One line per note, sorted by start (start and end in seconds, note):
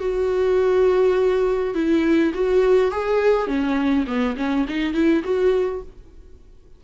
0.00 1.75 F#4
1.75 2.33 E4
2.35 2.92 F#4
2.92 3.47 G#4
3.47 4.06 C#4
4.07 4.36 B3
4.37 4.66 C#4
4.68 4.94 D#4
4.94 5.23 E4
5.24 5.82 F#4